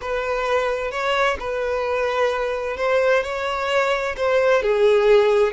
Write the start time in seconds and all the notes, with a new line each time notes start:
0.01 B4
0.91 C#5
1.39 B4
2.77 C5
3.23 C#5
4.16 C5
4.62 G#4